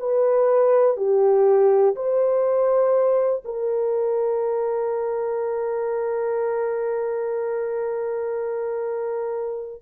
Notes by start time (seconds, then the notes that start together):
0.00 B4
0.97 G4
1.96 C5
3.46 A#4